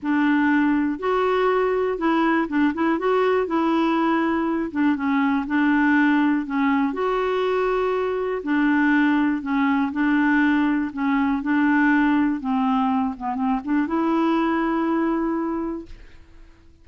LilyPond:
\new Staff \with { instrumentName = "clarinet" } { \time 4/4 \tempo 4 = 121 d'2 fis'2 | e'4 d'8 e'8 fis'4 e'4~ | e'4. d'8 cis'4 d'4~ | d'4 cis'4 fis'2~ |
fis'4 d'2 cis'4 | d'2 cis'4 d'4~ | d'4 c'4. b8 c'8 d'8 | e'1 | }